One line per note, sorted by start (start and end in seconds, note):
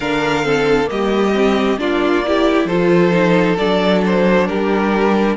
0.00 0.89 D3
0.00 0.43 D4
0.00 0.44 A#4
0.00 0.89 F5
0.43 0.85 C4
0.43 0.89 A4
0.85 1.78 G3
0.85 1.30 A#3
0.85 1.80 G4
0.85 1.79 D#5
1.34 1.78 C4
1.78 2.64 A#3
1.78 2.23 D4
1.78 2.25 F4
1.78 2.66 D5
2.26 2.69 E4
2.26 2.67 G4
2.64 3.54 F3
2.64 3.11 F4
2.64 4.46 A4
2.64 3.56 C5
3.11 3.55 D#4
3.57 4.49 F#3
3.57 5.36 D4
3.57 4.02 D5
4.05 4.47 C5
4.47 5.36 G3
4.47 5.36 G4
4.47 5.36 A#4